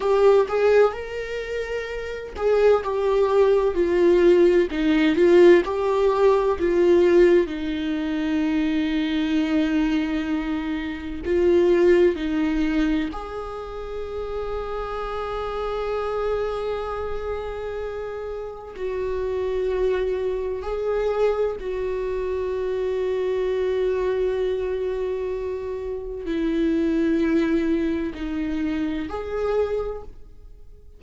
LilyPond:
\new Staff \with { instrumentName = "viola" } { \time 4/4 \tempo 4 = 64 g'8 gis'8 ais'4. gis'8 g'4 | f'4 dis'8 f'8 g'4 f'4 | dis'1 | f'4 dis'4 gis'2~ |
gis'1 | fis'2 gis'4 fis'4~ | fis'1 | e'2 dis'4 gis'4 | }